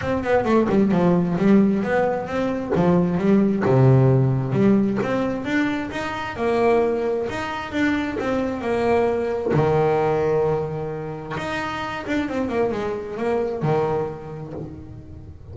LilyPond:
\new Staff \with { instrumentName = "double bass" } { \time 4/4 \tempo 4 = 132 c'8 b8 a8 g8 f4 g4 | b4 c'4 f4 g4 | c2 g4 c'4 | d'4 dis'4 ais2 |
dis'4 d'4 c'4 ais4~ | ais4 dis2.~ | dis4 dis'4. d'8 c'8 ais8 | gis4 ais4 dis2 | }